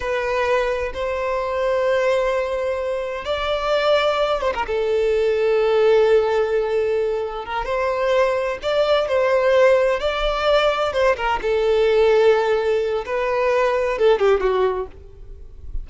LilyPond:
\new Staff \with { instrumentName = "violin" } { \time 4/4 \tempo 4 = 129 b'2 c''2~ | c''2. d''4~ | d''4. c''16 ais'16 a'2~ | a'1 |
ais'8 c''2 d''4 c''8~ | c''4. d''2 c''8 | ais'8 a'2.~ a'8 | b'2 a'8 g'8 fis'4 | }